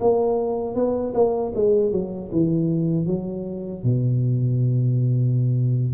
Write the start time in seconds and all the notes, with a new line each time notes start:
0.00 A#3
0.75 B3
1.14 A#3
1.55 G#3
1.92 F#3
2.32 E3
3.06 F#3
3.84 B2